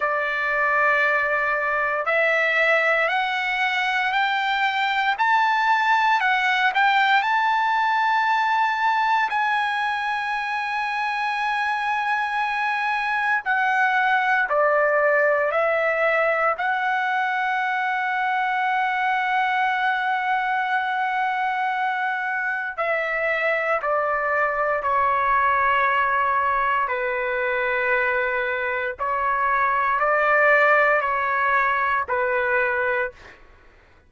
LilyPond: \new Staff \with { instrumentName = "trumpet" } { \time 4/4 \tempo 4 = 58 d''2 e''4 fis''4 | g''4 a''4 fis''8 g''8 a''4~ | a''4 gis''2.~ | gis''4 fis''4 d''4 e''4 |
fis''1~ | fis''2 e''4 d''4 | cis''2 b'2 | cis''4 d''4 cis''4 b'4 | }